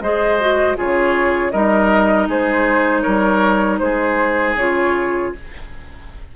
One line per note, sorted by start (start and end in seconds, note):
0.00 0.76 G#3
0.00 0.41 G#4
0.00 0.78 C5
0.00 0.77 D#5
0.41 0.76 F#4
0.76 1.53 C#3
0.76 1.52 F4
0.76 1.52 G#4
0.76 1.51 C#5
1.51 2.28 G3
1.51 4.57 D#4
1.51 2.28 A#4
1.51 2.27 D#5
2.28 3.04 G#3
2.28 3.03 G#4
2.28 3.02 C5
3.02 3.81 G3
3.02 3.79 A#4
3.02 3.78 C#5
3.79 4.55 G#3
3.79 5.36 G#4
3.79 4.55 C5
4.55 5.31 C#3
4.55 5.35 F4
4.55 5.33 C#5